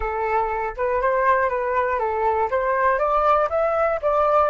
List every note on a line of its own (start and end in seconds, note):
0.00 0.75 A4
0.77 1.01 B4
1.01 1.49 C5
1.49 1.99 B4
1.99 2.49 A4
2.50 2.98 C5
2.98 3.48 D5
3.49 3.99 E5
4.02 4.49 D5